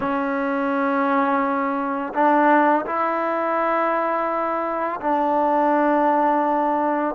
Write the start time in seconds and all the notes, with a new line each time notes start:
0.00 C#4
2.14 D4
2.85 E4
5.01 D4